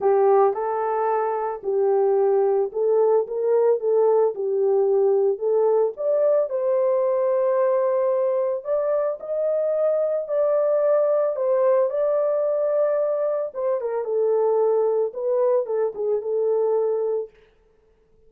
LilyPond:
\new Staff \with { instrumentName = "horn" } { \time 4/4 \tempo 4 = 111 g'4 a'2 g'4~ | g'4 a'4 ais'4 a'4 | g'2 a'4 d''4 | c''1 |
d''4 dis''2 d''4~ | d''4 c''4 d''2~ | d''4 c''8 ais'8 a'2 | b'4 a'8 gis'8 a'2 | }